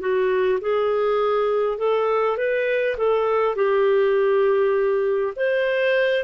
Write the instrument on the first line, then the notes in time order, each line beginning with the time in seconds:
clarinet
0.00 F#4
0.61 G#4
1.78 A4
2.37 B4
2.98 A4
3.56 G4
5.36 C5